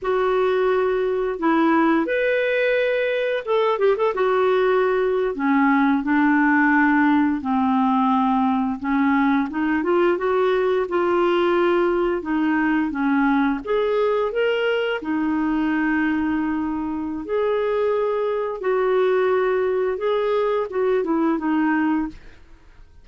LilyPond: \new Staff \with { instrumentName = "clarinet" } { \time 4/4 \tempo 4 = 87 fis'2 e'4 b'4~ | b'4 a'8 g'16 a'16 fis'4.~ fis'16 cis'16~ | cis'8. d'2 c'4~ c'16~ | c'8. cis'4 dis'8 f'8 fis'4 f'16~ |
f'4.~ f'16 dis'4 cis'4 gis'16~ | gis'8. ais'4 dis'2~ dis'16~ | dis'4 gis'2 fis'4~ | fis'4 gis'4 fis'8 e'8 dis'4 | }